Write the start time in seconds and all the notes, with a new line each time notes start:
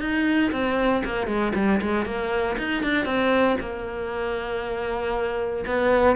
0.00 D#4
0.52 C4
1.04 A#3
1.27 G#3
1.55 G3
1.81 G#3
2.05 A#3
2.58 D#4
2.83 D4
3.05 C4
3.60 A#3
5.66 B3